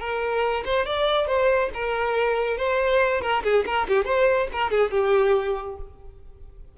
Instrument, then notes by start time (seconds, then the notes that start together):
violin
0.00 A#4
0.65 C5
0.86 D5
1.27 C5
1.74 A#4
2.58 C5
3.22 A#4
3.44 G#4
3.66 A#4
3.88 G4
4.05 C5
4.53 A#4
4.71 G#4
4.91 G4